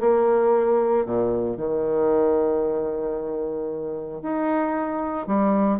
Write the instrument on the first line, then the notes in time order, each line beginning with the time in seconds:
bassoon
0.00 A#3
1.05 A#2
1.57 D#3
4.22 D#4
5.27 G3